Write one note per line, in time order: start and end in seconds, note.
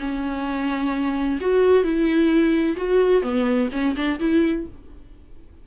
0.00 1.40 C#4
1.41 1.84 F#4
1.84 2.77 E4
2.77 3.23 F#4
3.23 3.69 B3
3.73 3.96 C#4
3.96 4.19 D4
4.20 4.67 E4